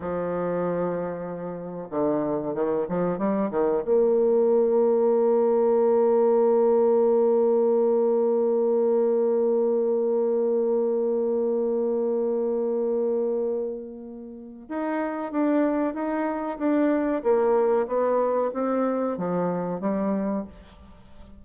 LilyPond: \new Staff \with { instrumentName = "bassoon" } { \time 4/4 \tempo 4 = 94 f2. d4 | dis8 f8 g8 dis8 ais2~ | ais1~ | ais1~ |
ais1~ | ais2. dis'4 | d'4 dis'4 d'4 ais4 | b4 c'4 f4 g4 | }